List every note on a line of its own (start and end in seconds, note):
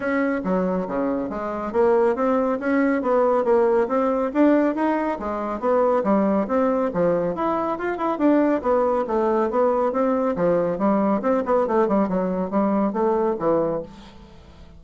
0.00 0.41 C#4
0.44 0.87 F#3
0.87 1.29 C#3
1.29 1.72 G#3
1.72 2.15 A#3
2.15 2.59 C4
2.59 3.02 C#4
3.02 3.44 B3
3.44 3.87 A#3
3.88 4.31 C4
4.33 4.75 D4
4.75 5.18 D#4
5.19 5.60 G#3
5.60 6.03 B3
6.03 6.46 G3
6.47 6.91 C4
6.93 7.35 F3
7.35 7.78 E4
7.78 7.97 F4
7.97 8.18 E4
8.18 8.61 D4
8.62 9.05 B3
9.07 9.50 A3
9.50 9.92 B3
9.92 10.35 C4
10.35 10.78 F3
10.78 11.21 G3
11.22 11.43 C4
11.45 11.67 B3
11.67 11.87 A3
11.87 12.08 G3
12.08 12.50 F#3
12.50 12.92 G3
12.92 13.36 A3
13.39 13.82 E3